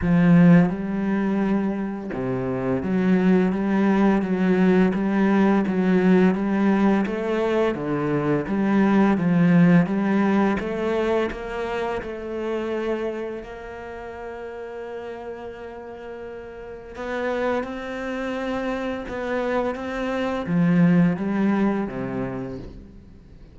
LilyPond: \new Staff \with { instrumentName = "cello" } { \time 4/4 \tempo 4 = 85 f4 g2 c4 | fis4 g4 fis4 g4 | fis4 g4 a4 d4 | g4 f4 g4 a4 |
ais4 a2 ais4~ | ais1 | b4 c'2 b4 | c'4 f4 g4 c4 | }